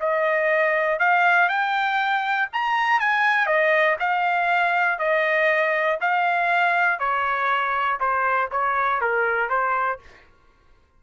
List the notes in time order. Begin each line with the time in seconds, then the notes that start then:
0.00 D#5
0.99 F5
1.49 G5
2.53 A#5
3.00 G#5
3.46 D#5
4.00 F5
4.99 D#5
6.01 F5
6.99 C#5
8.00 C5
8.51 C#5
9.01 A#4
9.49 C5